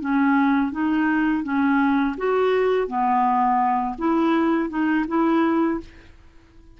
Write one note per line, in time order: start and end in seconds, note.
0.00 0.72 C#4
0.72 1.43 D#4
1.43 2.15 C#4
2.17 2.87 F#4
2.87 3.96 B3
3.98 4.69 E4
4.69 5.05 D#4
5.07 5.80 E4